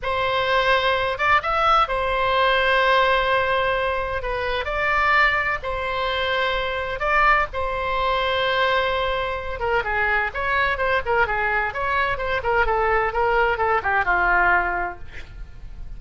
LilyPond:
\new Staff \with { instrumentName = "oboe" } { \time 4/4 \tempo 4 = 128 c''2~ c''8 d''8 e''4 | c''1~ | c''4 b'4 d''2 | c''2. d''4 |
c''1~ | c''8 ais'8 gis'4 cis''4 c''8 ais'8 | gis'4 cis''4 c''8 ais'8 a'4 | ais'4 a'8 g'8 f'2 | }